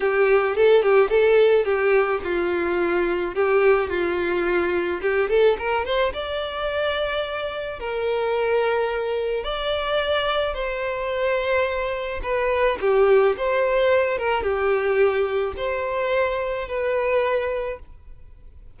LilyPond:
\new Staff \with { instrumentName = "violin" } { \time 4/4 \tempo 4 = 108 g'4 a'8 g'8 a'4 g'4 | f'2 g'4 f'4~ | f'4 g'8 a'8 ais'8 c''8 d''4~ | d''2 ais'2~ |
ais'4 d''2 c''4~ | c''2 b'4 g'4 | c''4. ais'8 g'2 | c''2 b'2 | }